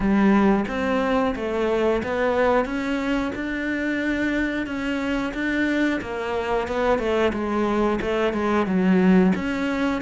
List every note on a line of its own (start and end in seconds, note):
0.00 0.65 G3
0.68 1.35 C4
1.35 2.02 A3
2.03 2.65 B3
2.65 3.32 C#4
3.35 4.66 D4
4.66 5.32 C#4
5.33 6.00 D4
6.01 6.67 A#3
6.67 6.98 B3
6.98 7.32 A3
7.33 7.99 G#3
8.01 8.33 A3
8.33 8.66 G#3
8.66 9.32 F#3
9.35 10.01 C#4